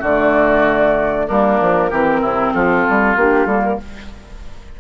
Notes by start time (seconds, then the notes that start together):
0.00 D3 A3 F#4 D5
1.28 G3 A#3 D4 A#4
1.61 F3
1.91 E3 C4 G4
2.21 C3 E4
2.54 F3 F4 A4
2.90 G3
3.16 A#3 D4 G4
3.46 G3 A#3 A4
3.64 A#4